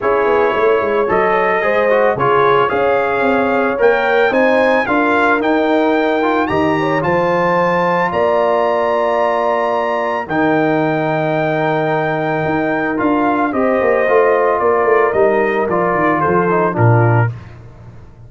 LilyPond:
<<
  \new Staff \with { instrumentName = "trumpet" } { \time 4/4 \tempo 4 = 111 cis''2 dis''2 | cis''4 f''2 g''4 | gis''4 f''4 g''2 | ais''4 a''2 ais''4~ |
ais''2. g''4~ | g''1 | f''4 dis''2 d''4 | dis''4 d''4 c''4 ais'4 | }
  \new Staff \with { instrumentName = "horn" } { \time 4/4 gis'4 cis''2 c''4 | gis'4 cis''2. | c''4 ais'2. | dis''8 cis''8 c''2 d''4~ |
d''2. ais'4~ | ais'1~ | ais'4 c''2 ais'4~ | ais'2 a'4 f'4 | }
  \new Staff \with { instrumentName = "trombone" } { \time 4/4 e'2 a'4 gis'8 fis'8 | f'4 gis'2 ais'4 | dis'4 f'4 dis'4. f'8 | g'4 f'2.~ |
f'2. dis'4~ | dis'1 | f'4 g'4 f'2 | dis'4 f'4. dis'8 d'4 | }
  \new Staff \with { instrumentName = "tuba" } { \time 4/4 cis'8 b8 a8 gis8 fis4 gis4 | cis4 cis'4 c'4 ais4 | c'4 d'4 dis'2 | dis4 f2 ais4~ |
ais2. dis4~ | dis2. dis'4 | d'4 c'8 ais8 a4 ais8 a8 | g4 f8 dis8 f4 ais,4 | }
>>